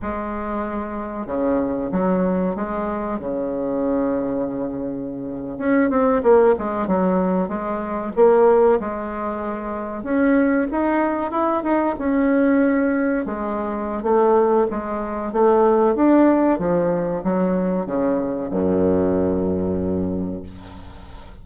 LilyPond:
\new Staff \with { instrumentName = "bassoon" } { \time 4/4 \tempo 4 = 94 gis2 cis4 fis4 | gis4 cis2.~ | cis8. cis'8 c'8 ais8 gis8 fis4 gis16~ | gis8. ais4 gis2 cis'16~ |
cis'8. dis'4 e'8 dis'8 cis'4~ cis'16~ | cis'8. gis4~ gis16 a4 gis4 | a4 d'4 f4 fis4 | cis4 fis,2. | }